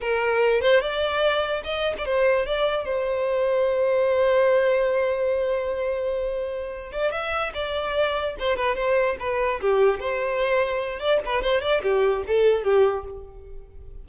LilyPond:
\new Staff \with { instrumentName = "violin" } { \time 4/4 \tempo 4 = 147 ais'4. c''8 d''2 | dis''8. d''16 c''4 d''4 c''4~ | c''1~ | c''1~ |
c''4 d''8 e''4 d''4.~ | d''8 c''8 b'8 c''4 b'4 g'8~ | g'8 c''2~ c''8 d''8 b'8 | c''8 d''8 g'4 a'4 g'4 | }